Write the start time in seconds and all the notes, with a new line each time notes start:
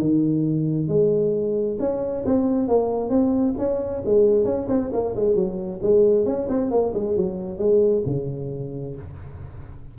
0.00 D#3
0.88 G#3
1.80 C#4
2.26 C4
2.68 A#3
3.10 C4
3.58 C#4
4.06 G#3
4.45 C#4
4.69 C4
4.93 A#3
5.16 G#3
5.35 F#3
5.83 G#3
6.26 C#4
6.49 C4
6.71 A#3
6.94 G#3
7.17 F#3
7.59 G#3
8.06 C#3